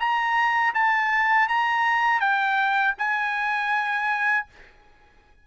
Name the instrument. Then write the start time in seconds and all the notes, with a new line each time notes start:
trumpet
0.00 A#5
0.75 A5
1.49 A#5
2.21 G5
2.99 G#5